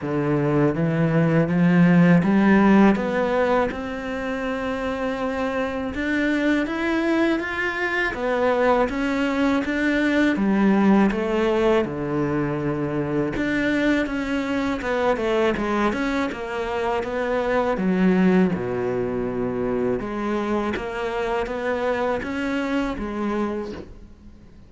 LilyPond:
\new Staff \with { instrumentName = "cello" } { \time 4/4 \tempo 4 = 81 d4 e4 f4 g4 | b4 c'2. | d'4 e'4 f'4 b4 | cis'4 d'4 g4 a4 |
d2 d'4 cis'4 | b8 a8 gis8 cis'8 ais4 b4 | fis4 b,2 gis4 | ais4 b4 cis'4 gis4 | }